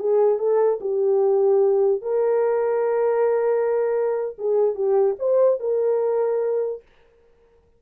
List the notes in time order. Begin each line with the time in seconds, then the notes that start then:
0.00 G#4
0.39 A4
0.81 G4
2.02 A#4
4.39 G#4
4.75 G4
5.19 C5
5.60 A#4